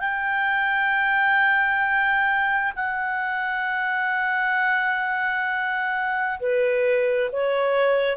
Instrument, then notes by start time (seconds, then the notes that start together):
clarinet
0.00 G5
2.76 F#5
6.40 B4
7.32 C#5